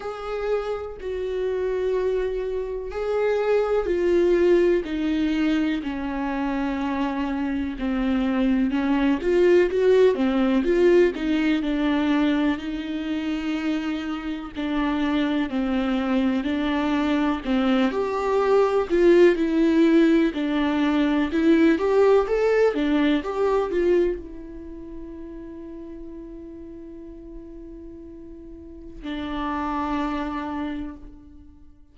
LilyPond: \new Staff \with { instrumentName = "viola" } { \time 4/4 \tempo 4 = 62 gis'4 fis'2 gis'4 | f'4 dis'4 cis'2 | c'4 cis'8 f'8 fis'8 c'8 f'8 dis'8 | d'4 dis'2 d'4 |
c'4 d'4 c'8 g'4 f'8 | e'4 d'4 e'8 g'8 a'8 d'8 | g'8 f'8 e'2.~ | e'2 d'2 | }